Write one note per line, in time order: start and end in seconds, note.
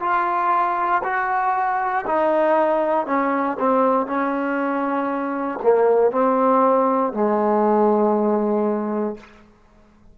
0.00 1.02 F4
1.04 2.05 F#4
2.07 3.06 D#4
3.06 3.57 C#4
3.59 4.06 C4
4.06 5.59 C#4
5.63 6.12 A#3
6.12 7.13 C4
7.13 9.17 G#3